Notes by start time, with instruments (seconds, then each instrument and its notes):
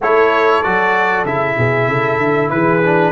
0.00 tuba A3, trombone E4, horn A4, trumpet C#5
0.62 tuba F#3, trombone F#4, trumpet D5
1.24 tuba C#3, trombone E4, trumpet E5
1.57 tuba B2, horn G#4
1.87 tuba C#3, horn A4
2.18 tuba D3
2.50 tuba E3, horn G#4, trumpet B4
2.83 trombone D4